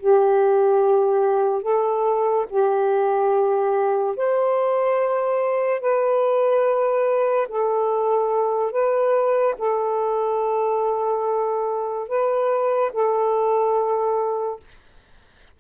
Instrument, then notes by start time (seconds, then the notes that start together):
saxophone
0.00 G4
1.63 A4
2.50 G4
4.17 C5
5.81 B4
7.49 A4
8.72 B4
9.59 A4
12.09 B4
12.93 A4